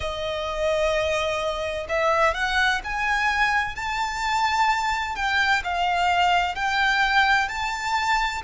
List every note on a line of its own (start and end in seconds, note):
0.00 1.87 D#5
1.88 2.34 E5
2.34 2.81 F#5
2.84 3.75 G#5
3.75 5.15 A5
5.15 5.62 G5
5.63 6.55 F5
6.55 7.48 G5
7.48 8.42 A5